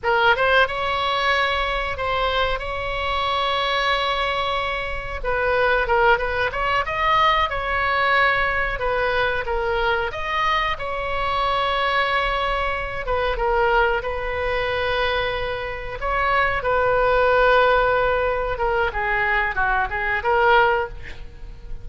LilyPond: \new Staff \with { instrumentName = "oboe" } { \time 4/4 \tempo 4 = 92 ais'8 c''8 cis''2 c''4 | cis''1 | b'4 ais'8 b'8 cis''8 dis''4 cis''8~ | cis''4. b'4 ais'4 dis''8~ |
dis''8 cis''2.~ cis''8 | b'8 ais'4 b'2~ b'8~ | b'8 cis''4 b'2~ b'8~ | b'8 ais'8 gis'4 fis'8 gis'8 ais'4 | }